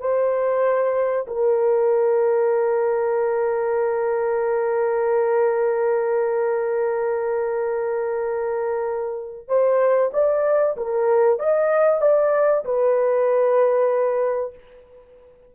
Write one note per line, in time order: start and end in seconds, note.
0.00 1.26 C5
1.27 9.48 A#4
9.48 10.11 C5
10.13 10.76 D5
10.77 11.39 A#4
11.39 12.01 D#5
12.01 12.64 D5
12.65 14.54 B4